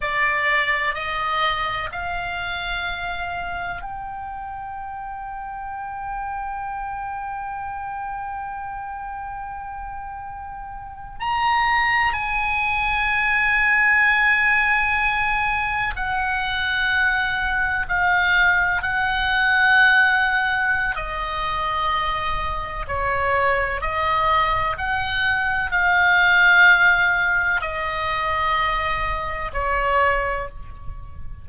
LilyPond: \new Staff \with { instrumentName = "oboe" } { \time 4/4 \tempo 4 = 63 d''4 dis''4 f''2 | g''1~ | g''2.~ g''8. ais''16~ | ais''8. gis''2.~ gis''16~ |
gis''8. fis''2 f''4 fis''16~ | fis''2 dis''2 | cis''4 dis''4 fis''4 f''4~ | f''4 dis''2 cis''4 | }